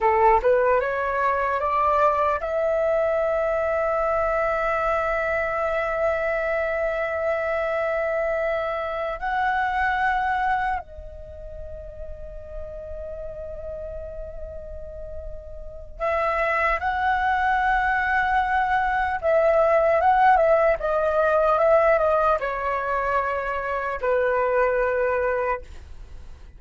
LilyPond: \new Staff \with { instrumentName = "flute" } { \time 4/4 \tempo 4 = 75 a'8 b'8 cis''4 d''4 e''4~ | e''1~ | e''2.~ e''8 fis''8~ | fis''4. dis''2~ dis''8~ |
dis''1 | e''4 fis''2. | e''4 fis''8 e''8 dis''4 e''8 dis''8 | cis''2 b'2 | }